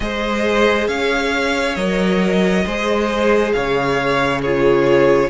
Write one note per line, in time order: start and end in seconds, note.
0.00 0.88 G#3
0.00 1.75 G#4
0.00 0.88 C5
0.00 0.87 D#5
0.87 1.76 C#4
0.87 2.64 C#5
0.87 1.75 F5
1.75 2.64 F#3
1.75 2.64 A#4
1.75 3.51 D#5
2.65 3.54 G#3
2.65 4.44 G#4
2.65 3.54 C5
3.52 5.29 C#3
3.52 4.41 C#5
3.52 4.40 F5
4.41 5.29 F4
4.41 5.29 G#4
4.41 5.29 C#5